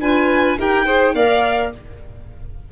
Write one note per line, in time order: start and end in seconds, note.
0.00 0.57 D4
0.00 0.58 F4
0.00 0.58 B4
0.00 0.57 G#5
0.58 1.14 D#4
0.58 0.85 G4
0.58 0.86 A#4
0.58 1.15 G5
0.85 1.14 G#4
0.85 1.14 C5
1.14 1.71 A#3
1.14 1.72 A#4
1.14 1.71 D5
1.14 1.72 F5